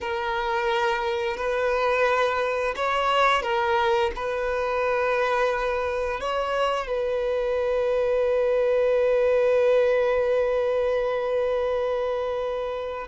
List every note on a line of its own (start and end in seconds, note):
0.00 1.36 A#4
1.36 2.74 B4
2.76 3.42 C#5
3.42 4.11 A#4
4.15 6.20 B4
6.20 6.87 C#5
6.87 13.07 B4